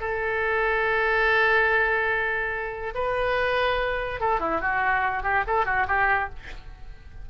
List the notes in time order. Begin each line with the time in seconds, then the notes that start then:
0.00 A4
2.94 B4
4.20 A4
4.40 E4
4.61 F#4
5.23 G4
5.47 A4
5.65 F#4
5.88 G4